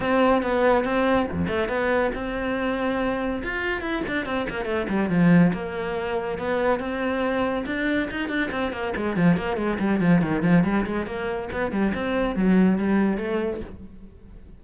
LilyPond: \new Staff \with { instrumentName = "cello" } { \time 4/4 \tempo 4 = 141 c'4 b4 c'4 f,8 a8 | b4 c'2. | f'4 e'8 d'8 c'8 ais8 a8 g8 | f4 ais2 b4 |
c'2 d'4 dis'8 d'8 | c'8 ais8 gis8 f8 ais8 gis8 g8 f8 | dis8 f8 g8 gis8 ais4 b8 g8 | c'4 fis4 g4 a4 | }